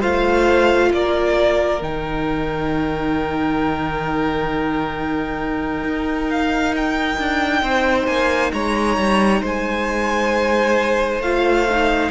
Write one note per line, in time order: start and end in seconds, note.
0.00 0.93 A3
0.00 1.81 F4
0.00 0.90 C5
0.00 0.92 F5
0.93 1.82 A#3
0.93 7.62 A#4
0.93 1.83 D5
1.82 5.84 D#3
1.82 11.22 D#4
1.82 6.30 G5
5.84 7.18 D#4
6.30 6.75 F5
6.76 8.07 G5
7.18 7.62 D4
7.62 8.07 C4
7.62 8.52 C5
8.07 8.52 A#3
8.07 8.51 G#5
8.53 8.97 G#3
8.53 9.42 C#5
8.53 9.43 A#5
8.97 9.42 G3
9.42 11.20 G#3
9.42 12.10 C5
9.42 11.22 G#5
11.20 12.09 A3
11.20 11.68 F4
11.20 12.11 F5
11.70 12.11 D#4